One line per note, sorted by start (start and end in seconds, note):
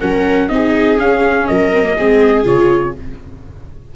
0.00 0.50 F#3
0.00 0.50 C#4
0.00 0.50 A#4
0.00 0.49 F#5
0.49 0.99 C4
0.49 0.98 D#4
0.49 1.50 G#4
0.49 0.98 D#5
0.99 1.47 C#4
0.99 1.73 C#4
0.99 1.47 F5
1.47 1.99 F#3
1.47 1.97 A#4
1.47 2.45 D#5
1.73 1.84 C4
1.84 1.96 A#3
1.97 2.46 G#3
1.97 2.44 C4
1.97 2.95 G#4
2.44 2.94 C#3
2.44 2.93 F4
2.44 2.96 C#5